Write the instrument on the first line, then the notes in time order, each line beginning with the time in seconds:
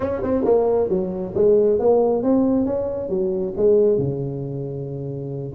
tuba
0.00 C#4
0.22 C4
0.44 A#3
0.89 F#3
1.34 G#3
1.79 A#3
2.23 C4
2.65 C#4
3.09 F#3
3.57 G#3
3.98 C#3